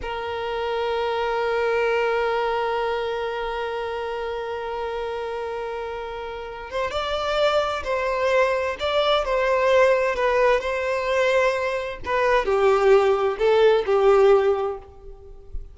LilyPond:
\new Staff \with { instrumentName = "violin" } { \time 4/4 \tempo 4 = 130 ais'1~ | ais'1~ | ais'1~ | ais'2~ ais'8 c''8 d''4~ |
d''4 c''2 d''4 | c''2 b'4 c''4~ | c''2 b'4 g'4~ | g'4 a'4 g'2 | }